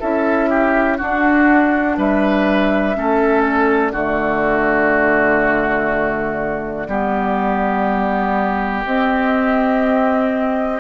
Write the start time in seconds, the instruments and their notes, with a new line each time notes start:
0.00 bassoon C#4, clarinet E4, oboe A4, flute E5
0.49 oboe G4
0.98 clarinet D4, bassoon D4, oboe F#4, flute F#5
1.98 bassoon G3, oboe B4, flute E5
2.94 bassoon A3, clarinet C#4, oboe A4
3.41 flute D5
3.92 bassoon D3, clarinet A3, oboe F#4
6.88 bassoon G3, clarinet B3, oboe G4
8.85 bassoon C4, clarinet C4, flute D#5